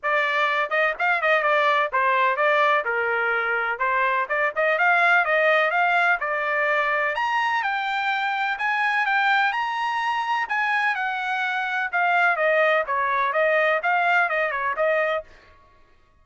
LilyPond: \new Staff \with { instrumentName = "trumpet" } { \time 4/4 \tempo 4 = 126 d''4. dis''8 f''8 dis''8 d''4 | c''4 d''4 ais'2 | c''4 d''8 dis''8 f''4 dis''4 | f''4 d''2 ais''4 |
g''2 gis''4 g''4 | ais''2 gis''4 fis''4~ | fis''4 f''4 dis''4 cis''4 | dis''4 f''4 dis''8 cis''8 dis''4 | }